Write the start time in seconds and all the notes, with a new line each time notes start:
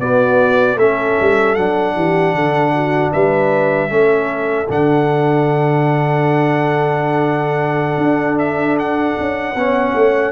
0.00 B3 F#4 D5
0.76 A3 C#4 A4 E5
1.21 G3
1.56 F#3 D4 F#5
1.96 E3 G4
2.34 D3 A4
2.75 F#4
3.13 G3 B4 E5
3.90 A3 C#4 A4
4.69 D3 D4 F#5
7.98 D4
8.39 E5
8.79 F#5
9.20 C#4
9.55 B3 C#4 C#5
9.95 A3